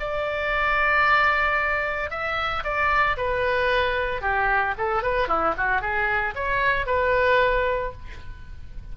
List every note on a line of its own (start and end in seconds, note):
0.00 2.10 D5
2.10 2.64 E5
2.64 3.17 D5
3.17 4.22 B4
4.22 4.75 G4
4.78 5.03 A4
5.03 5.28 B4
5.28 5.54 E4
5.58 5.81 F#4
5.81 6.35 G#4
6.35 6.86 C#5
6.86 7.93 B4